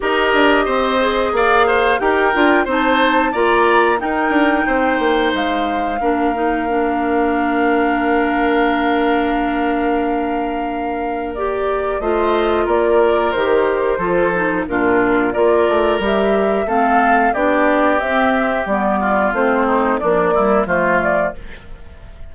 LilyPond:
<<
  \new Staff \with { instrumentName = "flute" } { \time 4/4 \tempo 4 = 90 dis''2 f''4 g''4 | a''4 ais''4 g''2 | f''1~ | f''1~ |
f''4 d''4 dis''4 d''4 | c''2 ais'4 d''4 | e''4 f''4 d''4 e''4 | d''4 c''4 d''4 c''8 d''8 | }
  \new Staff \with { instrumentName = "oboe" } { \time 4/4 ais'4 c''4 d''8 c''8 ais'4 | c''4 d''4 ais'4 c''4~ | c''4 ais'2.~ | ais'1~ |
ais'2 c''4 ais'4~ | ais'4 a'4 f'4 ais'4~ | ais'4 a'4 g'2~ | g'8 f'4 dis'8 d'8 e'8 f'4 | }
  \new Staff \with { instrumentName = "clarinet" } { \time 4/4 g'4. gis'4. g'8 f'8 | dis'4 f'4 dis'2~ | dis'4 d'8 dis'8 d'2~ | d'1~ |
d'4 g'4 f'2 | g'4 f'8 dis'8 d'4 f'4 | g'4 c'4 d'4 c'4 | b4 c'4 f8 g8 a4 | }
  \new Staff \with { instrumentName = "bassoon" } { \time 4/4 dis'8 d'8 c'4 ais4 dis'8 d'8 | c'4 ais4 dis'8 d'8 c'8 ais8 | gis4 ais2.~ | ais1~ |
ais2 a4 ais4 | dis4 f4 ais,4 ais8 a8 | g4 a4 b4 c'4 | g4 a4 ais4 f4 | }
>>